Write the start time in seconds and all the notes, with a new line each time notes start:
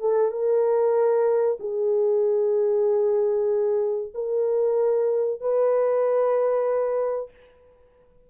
0.00 A4
0.31 A#4
1.59 G#4
4.14 A#4
5.40 B4